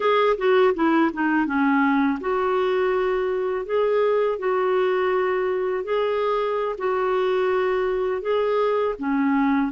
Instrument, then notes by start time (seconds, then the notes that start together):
clarinet
0.00 G#4
0.37 F#4
0.74 E4
1.13 D#4
1.45 C#4
2.20 F#4
3.65 G#4
4.38 F#4
5.84 G#4
6.77 F#4
8.21 G#4
8.98 C#4